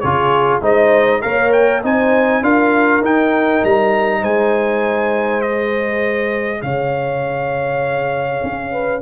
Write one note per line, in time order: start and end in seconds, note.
0.00 0.61 C#3
0.00 0.61 F4
0.00 0.61 G#4
0.00 0.60 C#5
0.61 1.21 G#3
0.61 1.22 D#4
0.61 1.21 C5
0.61 1.22 D#5
1.22 1.84 A#3
1.22 1.81 A#4
1.22 1.83 C#5
1.22 1.52 F5
1.52 1.82 G5
1.83 2.41 C4
1.83 2.43 D#4
1.83 2.44 C5
1.83 2.44 G#5
2.41 3.01 D4
2.41 3.03 F4
2.41 4.20 A#4
2.41 3.04 F5
3.01 3.61 D#4
3.01 5.42 D#4
3.01 3.65 G5
3.64 4.23 G3
3.64 4.24 A#5
4.20 6.62 G#3
4.20 6.60 C5
4.20 5.42 G#5
5.42 9.02 G#4
5.42 6.62 D#5
6.62 8.42 C#3
6.62 8.72 C#5
6.62 9.02 F5
8.44 9.02 C#4
8.72 9.02 B4